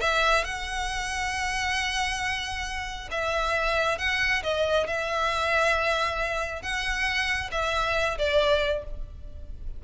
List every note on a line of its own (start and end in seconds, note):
0.00 0.44 E5
0.44 3.08 F#5
3.10 3.98 E5
3.98 4.42 F#5
4.43 4.86 D#5
4.86 6.62 E5
6.62 7.50 F#5
7.51 8.17 E5
8.18 8.84 D5